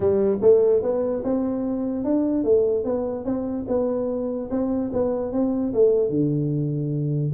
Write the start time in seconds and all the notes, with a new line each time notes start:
0.00 G3
0.41 A3
0.82 B3
1.24 C4
2.04 D4
2.44 A3
2.84 B3
3.24 C4
3.68 B3
4.50 C4
4.92 B3
5.32 C4
5.73 A3
6.09 D3